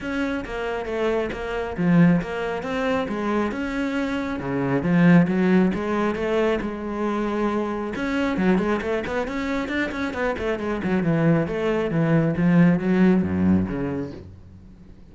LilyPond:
\new Staff \with { instrumentName = "cello" } { \time 4/4 \tempo 4 = 136 cis'4 ais4 a4 ais4 | f4 ais4 c'4 gis4 | cis'2 cis4 f4 | fis4 gis4 a4 gis4~ |
gis2 cis'4 fis8 gis8 | a8 b8 cis'4 d'8 cis'8 b8 a8 | gis8 fis8 e4 a4 e4 | f4 fis4 fis,4 cis4 | }